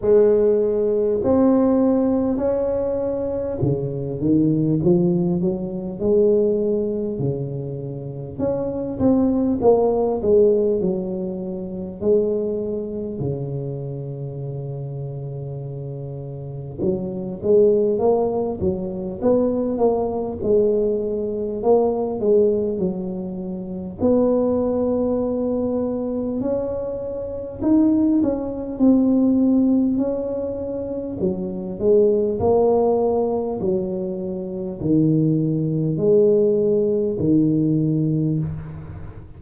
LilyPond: \new Staff \with { instrumentName = "tuba" } { \time 4/4 \tempo 4 = 50 gis4 c'4 cis'4 cis8 dis8 | f8 fis8 gis4 cis4 cis'8 c'8 | ais8 gis8 fis4 gis4 cis4~ | cis2 fis8 gis8 ais8 fis8 |
b8 ais8 gis4 ais8 gis8 fis4 | b2 cis'4 dis'8 cis'8 | c'4 cis'4 fis8 gis8 ais4 | fis4 dis4 gis4 dis4 | }